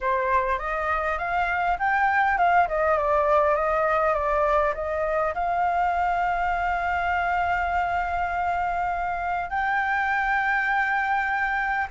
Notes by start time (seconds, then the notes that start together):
0.00 C5
0.58 D#5
1.18 F5
1.78 G5
2.38 F5
2.67 D#5
2.97 D5
3.55 D#5
4.14 D5
4.74 D#5
5.34 F5
9.50 G5